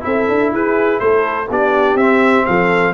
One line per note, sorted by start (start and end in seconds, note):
0.00 0.28 C4
0.00 1.45 E4
0.00 0.53 A4
0.00 0.52 E5
0.28 0.51 D4
0.51 1.00 E4
0.51 1.01 G#4
0.51 0.99 B4
0.99 1.49 A3
0.99 1.49 A4
0.99 1.47 C5
1.49 1.94 B3
1.49 1.98 D4
1.49 2.46 G4
1.49 1.96 D5
1.94 2.43 C4
1.94 2.94 C4
1.94 2.45 E5
2.45 2.94 F3
2.45 2.94 A4
2.45 2.93 F5